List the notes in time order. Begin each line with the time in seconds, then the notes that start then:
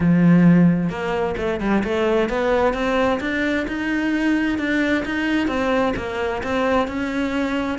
0.00 F3
0.89 A#3
1.37 A3
1.60 G3
1.84 A3
2.29 B3
2.73 C4
3.20 D4
3.67 D#4
4.58 D4
5.05 D#4
5.47 C4
5.96 A#3
6.43 C4
6.87 C#4